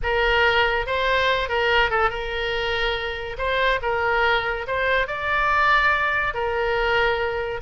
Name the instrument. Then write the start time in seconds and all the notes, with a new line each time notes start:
oboe
0.02 A#4
0.86 C5
1.48 A#4
1.90 A4
2.10 A#4
3.37 C5
3.82 A#4
4.67 C5
5.07 D5
6.34 A#4